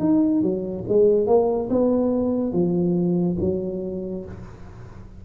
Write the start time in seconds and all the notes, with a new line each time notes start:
0.00 D#4
0.42 F#3
0.89 G#3
1.27 A#3
1.71 B3
2.53 F3
3.41 F#3